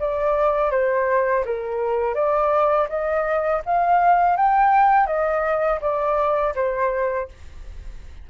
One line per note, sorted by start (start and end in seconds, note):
0.00 0.72 D5
0.72 1.45 C5
1.46 2.15 A#4
2.15 2.88 D5
2.89 3.63 D#5
3.66 4.37 F5
4.37 5.07 G5
5.07 5.80 D#5
5.81 6.55 D5
6.56 7.29 C5